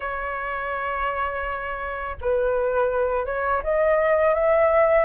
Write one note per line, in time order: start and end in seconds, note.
0.00 2.16 C#5
2.21 3.25 B4
3.25 3.61 C#5
3.63 4.34 D#5
4.34 5.04 E5